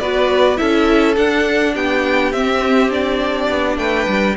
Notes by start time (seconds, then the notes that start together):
0.00 B3 F#4 B4 D5
0.57 C#4 E4 A4 E5
1.17 D4 F#5
1.74 B3 G4 G5
2.33 C4 E5
2.90 D4 D5
3.49 B3
3.78 A3 B4 G5
4.08 G3